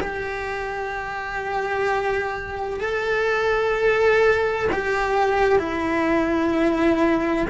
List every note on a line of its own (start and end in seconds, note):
0.00 2.80 G4
2.80 4.68 A4
4.72 5.59 G4
5.59 7.47 E4